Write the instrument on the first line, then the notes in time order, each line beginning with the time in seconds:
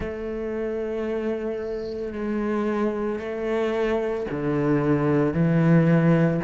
cello
0.00 A3
2.12 G#3
3.19 A3
4.31 D3
5.33 E3